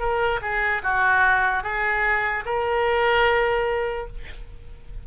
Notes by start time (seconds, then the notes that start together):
0.00 A#4
0.42 G#4
0.83 F#4
1.64 G#4
2.45 A#4